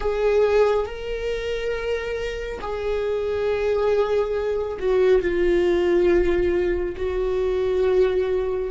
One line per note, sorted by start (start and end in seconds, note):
0.00 0.85 G#4
0.85 2.59 A#4
2.60 4.78 G#4
4.79 5.21 F#4
5.21 6.95 F4
6.96 8.70 F#4